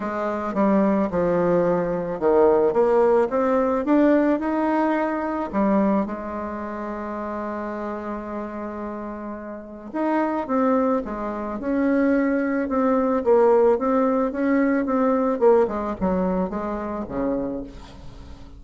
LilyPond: \new Staff \with { instrumentName = "bassoon" } { \time 4/4 \tempo 4 = 109 gis4 g4 f2 | dis4 ais4 c'4 d'4 | dis'2 g4 gis4~ | gis1~ |
gis2 dis'4 c'4 | gis4 cis'2 c'4 | ais4 c'4 cis'4 c'4 | ais8 gis8 fis4 gis4 cis4 | }